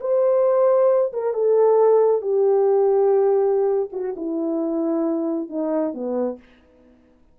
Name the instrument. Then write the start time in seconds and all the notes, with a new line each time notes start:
horn
0.00 C5
1.12 A#4
1.33 A4
2.21 G4
3.92 F#4
4.16 E4
5.49 D#4
5.94 B3